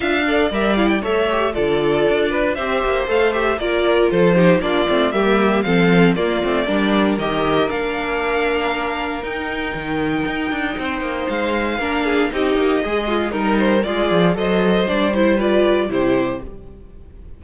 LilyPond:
<<
  \new Staff \with { instrumentName = "violin" } { \time 4/4 \tempo 4 = 117 f''4 e''8 f''16 g''16 e''4 d''4~ | d''4 e''4 f''8 e''8 d''4 | c''4 d''4 e''4 f''4 | d''2 dis''4 f''4~ |
f''2 g''2~ | g''2 f''2 | dis''2 ais'8 c''8 d''4 | dis''4 d''8 c''8 d''4 c''4 | }
  \new Staff \with { instrumentName = "violin" } { \time 4/4 e''8 d''4. cis''4 a'4~ | a'8 b'8 c''2 ais'4 | a'8 g'8 f'4 g'4 a'4 | f'4 ais'2.~ |
ais'1~ | ais'4 c''2 ais'8 gis'8 | g'4 gis'8 f'8 dis'4 f'4 | c''2 b'4 g'4 | }
  \new Staff \with { instrumentName = "viola" } { \time 4/4 f'8 a'8 ais'8 e'8 a'8 g'8 f'4~ | f'4 g'4 a'8 g'8 f'4~ | f'8 dis'8 d'8 c'8 ais4 c'4 | ais8 c'8 d'4 g'4 d'4~ |
d'2 dis'2~ | dis'2. d'4 | dis'4 gis'4 ais'4 gis'4 | a'4 d'8 e'8 f'4 e'4 | }
  \new Staff \with { instrumentName = "cello" } { \time 4/4 d'4 g4 a4 d4 | d'4 c'8 ais8 a4 ais4 | f4 ais8 a8 g4 f4 | ais8 a8 g4 dis4 ais4~ |
ais2 dis'4 dis4 | dis'8 d'8 c'8 ais8 gis4 ais4 | c'8 ais8 gis4 g4 gis8 f8 | fis4 g2 c4 | }
>>